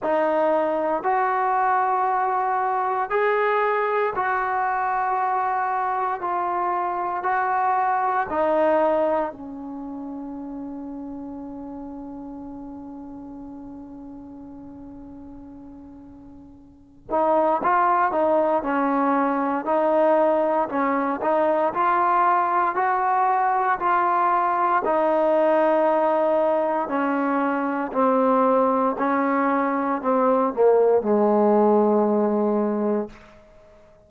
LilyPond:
\new Staff \with { instrumentName = "trombone" } { \time 4/4 \tempo 4 = 58 dis'4 fis'2 gis'4 | fis'2 f'4 fis'4 | dis'4 cis'2.~ | cis'1~ |
cis'8 dis'8 f'8 dis'8 cis'4 dis'4 | cis'8 dis'8 f'4 fis'4 f'4 | dis'2 cis'4 c'4 | cis'4 c'8 ais8 gis2 | }